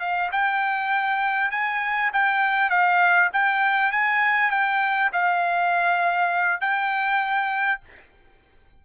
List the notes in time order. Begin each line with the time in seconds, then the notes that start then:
0.00 F5
0.32 G5
1.51 G#5
2.13 G5
2.70 F5
3.33 G5
3.92 G#5
4.51 G5
5.13 F5
6.61 G5